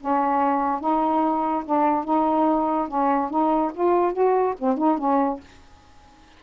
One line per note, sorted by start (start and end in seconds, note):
0.00 0.80 C#4
0.80 1.64 D#4
1.65 2.04 D4
2.04 2.88 D#4
2.88 3.30 C#4
3.30 3.72 D#4
3.74 4.13 F4
4.13 4.54 F#4
4.59 4.77 C4
4.77 4.98 D#4
4.98 5.40 C#4